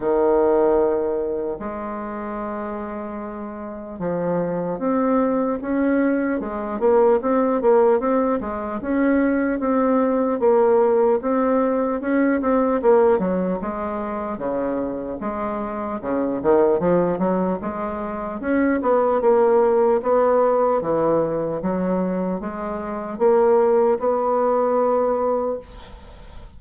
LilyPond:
\new Staff \with { instrumentName = "bassoon" } { \time 4/4 \tempo 4 = 75 dis2 gis2~ | gis4 f4 c'4 cis'4 | gis8 ais8 c'8 ais8 c'8 gis8 cis'4 | c'4 ais4 c'4 cis'8 c'8 |
ais8 fis8 gis4 cis4 gis4 | cis8 dis8 f8 fis8 gis4 cis'8 b8 | ais4 b4 e4 fis4 | gis4 ais4 b2 | }